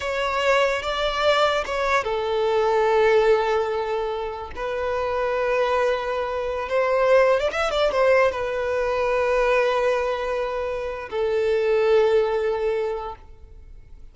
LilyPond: \new Staff \with { instrumentName = "violin" } { \time 4/4 \tempo 4 = 146 cis''2 d''2 | cis''4 a'2.~ | a'2. b'4~ | b'1~ |
b'16 c''4.~ c''16 d''16 e''8 d''8 c''8.~ | c''16 b'2.~ b'8.~ | b'2. a'4~ | a'1 | }